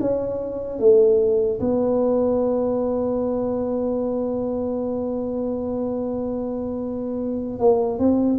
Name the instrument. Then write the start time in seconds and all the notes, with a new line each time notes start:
tuba
0.00 C#4
0.79 A3
1.60 B3
7.59 A#3
7.99 C4